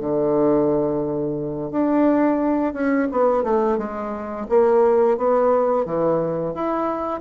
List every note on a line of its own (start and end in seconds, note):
0.00 1.71 D3
1.71 2.74 D4
2.74 3.08 C#4
3.11 3.44 B3
3.44 3.78 A3
3.78 4.47 G#3
4.49 5.18 A#3
5.18 5.86 B3
5.86 6.54 E3
6.54 7.21 E4